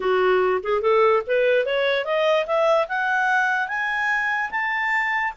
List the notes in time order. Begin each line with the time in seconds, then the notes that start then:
0.00 F#4
0.63 G#4
0.81 A4
1.26 B4
1.65 C#5
2.05 D#5
2.46 E5
2.88 F#5
3.68 G#5
4.51 A5